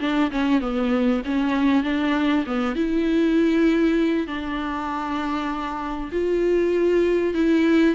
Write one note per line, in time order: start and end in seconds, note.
0.00 0.31 D4
0.31 0.61 C#4
0.61 1.22 B3
1.25 1.83 C#4
1.83 2.45 D4
2.46 2.76 B3
2.76 4.27 E4
4.27 6.11 D4
6.12 7.34 F4
7.34 7.95 E4